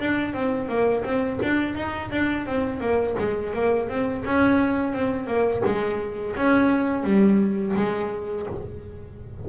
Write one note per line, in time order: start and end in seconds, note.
0.00 0.34 D4
0.34 0.69 C4
0.69 1.04 A#3
1.05 1.40 C4
1.43 1.76 D4
1.76 2.11 D#4
2.11 2.47 D4
2.47 2.81 C4
2.81 3.16 A#3
3.19 3.54 G#3
3.54 3.90 A#3
3.90 4.25 C4
4.26 4.93 C#4
4.93 5.27 C4
5.27 5.62 A#3
5.66 6.37 G#3
6.37 7.04 C#4
7.04 7.75 G3
7.76 8.47 G#3